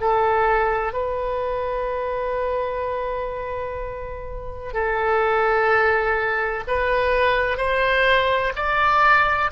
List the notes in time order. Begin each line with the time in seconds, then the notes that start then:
0.00 A4
0.93 B4
4.73 A4
6.67 B4
7.57 C5
8.55 D5